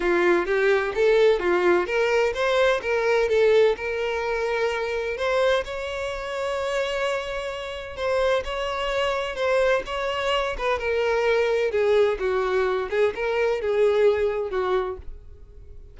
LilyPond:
\new Staff \with { instrumentName = "violin" } { \time 4/4 \tempo 4 = 128 f'4 g'4 a'4 f'4 | ais'4 c''4 ais'4 a'4 | ais'2. c''4 | cis''1~ |
cis''4 c''4 cis''2 | c''4 cis''4. b'8 ais'4~ | ais'4 gis'4 fis'4. gis'8 | ais'4 gis'2 fis'4 | }